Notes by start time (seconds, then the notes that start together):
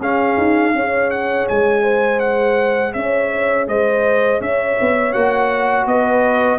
0.00 C#4 G#4 F5
0.37 D#4
0.74 C#4 G#4 C#5
1.10 F#5
1.48 G#3 G#5
1.83 C5
2.20 F#5
2.93 C#4 C#5 E5
3.68 G#3 C5 D#5
4.41 C#4 C#5 E5
4.80 B3
5.13 A#3 F#4 F#5
5.86 B3 B4 D#5